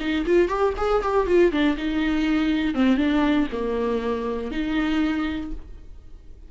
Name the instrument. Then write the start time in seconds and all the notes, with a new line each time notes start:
viola
0.00 D#4
0.26 F4
0.48 G4
0.77 G#4
1.02 G4
1.27 F4
1.52 D4
1.77 D#4
2.74 C4
2.97 D4
3.52 A#3
4.51 D#4